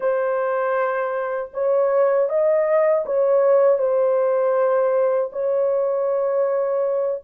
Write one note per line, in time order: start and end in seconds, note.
0.00 1.50 C5
1.53 2.29 C#5
2.29 3.04 D#5
3.05 3.78 C#5
3.78 5.30 C5
5.32 7.22 C#5